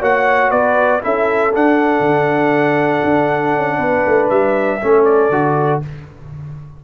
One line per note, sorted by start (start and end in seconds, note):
0.00 0.51 A#3
0.00 1.01 F#4
0.00 0.50 C#5
0.00 0.51 F#5
0.50 1.02 B3
0.50 1.01 B4
0.50 1.01 D5
1.01 1.54 C#4
1.01 1.51 E4
1.01 3.78 A4
1.01 1.54 E5
1.53 4.80 D4
1.53 2.00 D4
1.53 4.29 F#5
2.00 3.00 D3
3.04 3.54 D4
3.54 3.78 C#4
3.78 4.03 B3
3.78 4.79 B4
4.06 4.30 A3
4.29 4.80 G3
4.29 5.04 E5
4.81 5.30 A3
4.81 5.31 C#4
4.81 5.84 A4
5.04 5.80 D5
5.30 5.80 D3
5.30 5.82 F#4